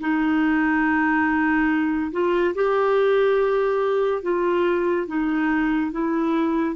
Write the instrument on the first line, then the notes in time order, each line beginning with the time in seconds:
clarinet
0.00 D#4
2.12 F4
2.54 G4
4.22 F4
5.07 D#4
5.92 E4